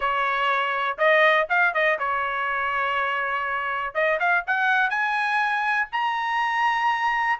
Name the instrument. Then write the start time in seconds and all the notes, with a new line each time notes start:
trumpet
0.00 C#5
0.97 D#5
1.49 F5
1.73 D#5
1.98 C#5
3.94 D#5
4.19 F5
4.46 F#5
4.90 G#5
5.92 A#5